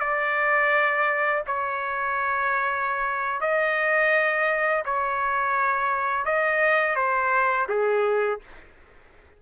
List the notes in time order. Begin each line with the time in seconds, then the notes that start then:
0.00 D5
1.47 C#5
3.41 D#5
4.85 C#5
6.25 D#5
6.95 C5
7.69 G#4